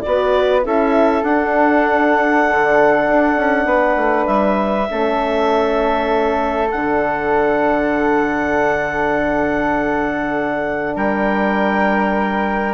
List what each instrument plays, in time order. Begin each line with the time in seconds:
0.00 bassoon B3, horn F#4, clarinet D5
0.08 flute B4
0.62 bassoon C#4, horn E4, flute A4, clarinet E5
1.22 bassoon D4, horn D4, clarinet F#5
2.49 bassoon D3
3.07 bassoon D4
3.36 bassoon C#4
3.65 bassoon B3, flute B4
3.95 bassoon A3
4.26 bassoon G3, clarinet E5
4.88 bassoon A3, horn C#4, flute A4
6.70 bassoon D3, horn D4, clarinet F#5
10.95 bassoon G3, flute A#4, clarinet G5